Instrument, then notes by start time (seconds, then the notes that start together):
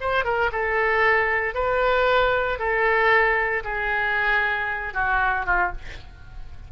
oboe
0.00 C5
0.24 A#4
0.52 A4
1.54 B4
2.58 A4
3.64 G#4
4.93 F#4
5.46 F4